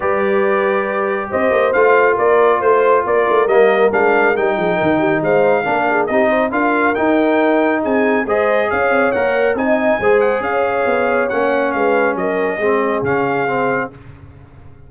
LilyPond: <<
  \new Staff \with { instrumentName = "trumpet" } { \time 4/4 \tempo 4 = 138 d''2. dis''4 | f''4 d''4 c''4 d''4 | dis''4 f''4 g''2 | f''2 dis''4 f''4 |
g''2 gis''4 dis''4 | f''4 fis''4 gis''4. fis''8 | f''2 fis''4 f''4 | dis''2 f''2 | }
  \new Staff \with { instrumentName = "horn" } { \time 4/4 b'2. c''4~ | c''4 ais'4 c''4 ais'4~ | ais'2~ ais'8 gis'8 ais'8 g'8 | c''4 ais'8 gis'8 g'8 c''8 ais'4~ |
ais'2 gis'4 c''4 | cis''2 dis''4 c''4 | cis''2. b'4 | ais'4 gis'2. | }
  \new Staff \with { instrumentName = "trombone" } { \time 4/4 g'1 | f'1 | ais4 d'4 dis'2~ | dis'4 d'4 dis'4 f'4 |
dis'2. gis'4~ | gis'4 ais'4 dis'4 gis'4~ | gis'2 cis'2~ | cis'4 c'4 cis'4 c'4 | }
  \new Staff \with { instrumentName = "tuba" } { \time 4/4 g2. c'8 ais8 | a4 ais4 a4 ais8 a8 | g4 gis4 g8 f8 dis4 | gis4 ais4 c'4 d'4 |
dis'2 c'4 gis4 | cis'8 c'8 ais4 c'4 gis4 | cis'4 b4 ais4 gis4 | fis4 gis4 cis2 | }
>>